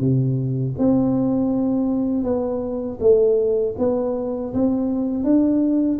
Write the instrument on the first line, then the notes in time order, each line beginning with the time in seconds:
tuba
0.00 C3
0.78 C4
2.24 B3
3.00 A3
3.78 B3
4.54 C4
5.24 D4